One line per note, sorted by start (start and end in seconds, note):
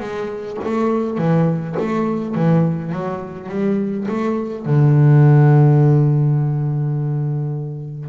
0.00 0.58 G#3
0.65 1.18 A3
1.18 1.76 E3
1.79 2.35 A3
2.35 2.92 E3
2.92 3.49 F#3
3.49 4.07 G3
4.09 4.65 A3
4.65 8.10 D3